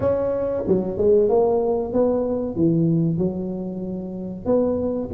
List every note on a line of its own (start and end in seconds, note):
0.00 0.63 C#4
0.67 0.97 F#3
0.97 1.29 G#3
1.29 1.92 A#3
1.92 2.55 B3
2.55 3.17 E3
3.17 4.45 F#3
4.45 5.09 B3